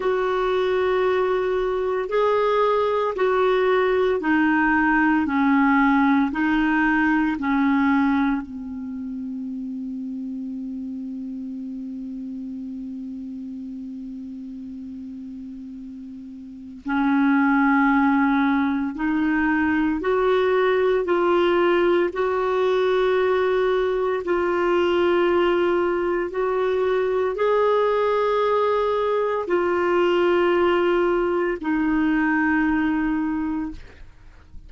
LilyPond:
\new Staff \with { instrumentName = "clarinet" } { \time 4/4 \tempo 4 = 57 fis'2 gis'4 fis'4 | dis'4 cis'4 dis'4 cis'4 | c'1~ | c'1 |
cis'2 dis'4 fis'4 | f'4 fis'2 f'4~ | f'4 fis'4 gis'2 | f'2 dis'2 | }